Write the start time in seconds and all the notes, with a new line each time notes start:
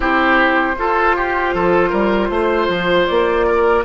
0.00 C4 E4 G4 C5
0.77 F4 A4
1.16 G4
1.54 F3 A4
1.89 G3 A#4
2.29 A3 C5
2.68 F3
3.06 A#3 D5
3.46 A#4